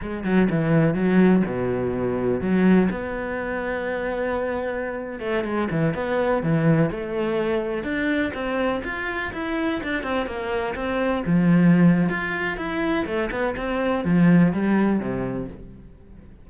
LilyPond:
\new Staff \with { instrumentName = "cello" } { \time 4/4 \tempo 4 = 124 gis8 fis8 e4 fis4 b,4~ | b,4 fis4 b2~ | b2~ b8. a8 gis8 e16~ | e16 b4 e4 a4.~ a16~ |
a16 d'4 c'4 f'4 e'8.~ | e'16 d'8 c'8 ais4 c'4 f8.~ | f4 f'4 e'4 a8 b8 | c'4 f4 g4 c4 | }